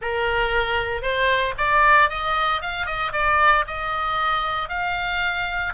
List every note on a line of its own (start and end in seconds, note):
0.01 1.02 A#4
1.02 1.54 C5
1.57 2.09 D5
2.09 2.61 D#5
2.61 2.86 F5
2.86 3.12 D#5
3.12 3.64 D5
3.67 4.68 D#5
4.68 5.73 F5